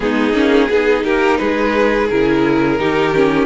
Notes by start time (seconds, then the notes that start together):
0.00 G#3 B3 D#4 G#4
0.33 A#3 C#4
0.69 B3 D#4 G#4
1.03 A#3 G4 A#4
1.38 G#3 G#4 B4
2.09 C#3 E4 A#4
2.78 D#3 D#4 G4
3.14 C#4